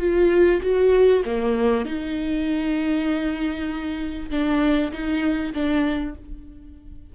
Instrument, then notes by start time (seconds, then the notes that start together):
viola
0.00 F4
0.62 F#4
1.26 A#3
1.85 D#4
4.31 D4
4.92 D#4
5.54 D4